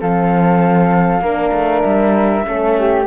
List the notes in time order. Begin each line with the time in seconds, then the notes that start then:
0.00 F3 C4 A4 F5
1.21 A#3 D4 A#4
1.53 A3
1.82 G3 E5
2.43 A3 C#4 A4
2.79 G4